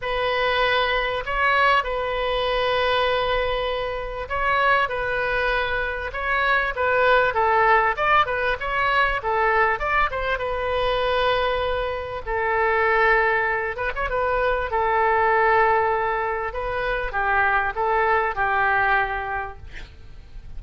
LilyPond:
\new Staff \with { instrumentName = "oboe" } { \time 4/4 \tempo 4 = 98 b'2 cis''4 b'4~ | b'2. cis''4 | b'2 cis''4 b'4 | a'4 d''8 b'8 cis''4 a'4 |
d''8 c''8 b'2. | a'2~ a'8 b'16 cis''16 b'4 | a'2. b'4 | g'4 a'4 g'2 | }